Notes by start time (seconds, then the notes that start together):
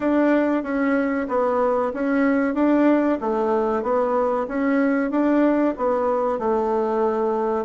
0.00 D4
0.63 C#4
1.28 B3
1.93 C#4
2.54 D4
3.20 A3
3.82 B3
4.47 C#4
5.10 D4
5.77 B3
6.38 A3